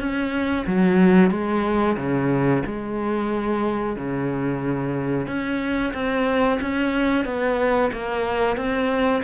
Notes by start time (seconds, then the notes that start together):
0.00 C#4
0.67 F#3
1.31 G#3
1.97 C#3
2.66 G#3
3.97 C#3
5.27 C#4
5.94 C4
6.61 C#4
7.25 B3
7.93 A#3
8.57 C4